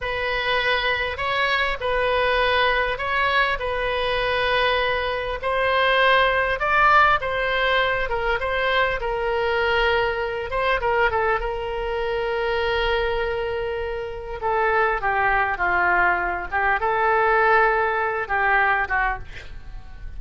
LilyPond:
\new Staff \with { instrumentName = "oboe" } { \time 4/4 \tempo 4 = 100 b'2 cis''4 b'4~ | b'4 cis''4 b'2~ | b'4 c''2 d''4 | c''4. ais'8 c''4 ais'4~ |
ais'4. c''8 ais'8 a'8 ais'4~ | ais'1 | a'4 g'4 f'4. g'8 | a'2~ a'8 g'4 fis'8 | }